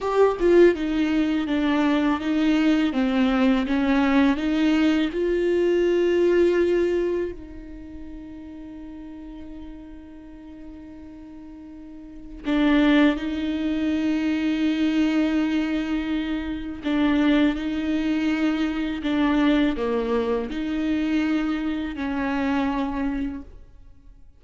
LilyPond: \new Staff \with { instrumentName = "viola" } { \time 4/4 \tempo 4 = 82 g'8 f'8 dis'4 d'4 dis'4 | c'4 cis'4 dis'4 f'4~ | f'2 dis'2~ | dis'1~ |
dis'4 d'4 dis'2~ | dis'2. d'4 | dis'2 d'4 ais4 | dis'2 cis'2 | }